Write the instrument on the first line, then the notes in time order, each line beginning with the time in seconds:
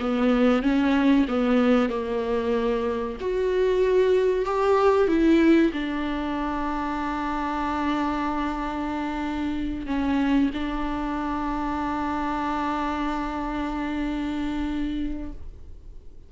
viola
0.00 B3
0.63 C#4
1.29 B3
1.90 A#3
3.21 F#4
4.45 G4
5.08 E4
5.73 D4
9.87 C#4
10.54 D4